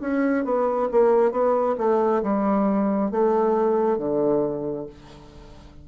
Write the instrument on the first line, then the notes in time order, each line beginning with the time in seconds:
bassoon
0.00 C#4
0.44 B3
0.91 A#3
1.31 B3
1.78 A3
2.22 G3
3.10 A3
3.97 D3